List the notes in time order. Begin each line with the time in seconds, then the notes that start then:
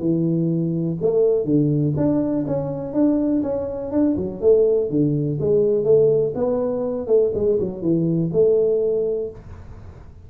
0.00 E3
1.01 A3
1.45 D3
1.96 D4
2.47 C#4
2.93 D4
3.43 C#4
3.91 D4
4.17 F#3
4.41 A3
4.90 D3
5.40 G#3
5.84 A3
6.35 B3
7.07 A3
7.34 G#3
7.60 F#3
7.82 E3
8.33 A3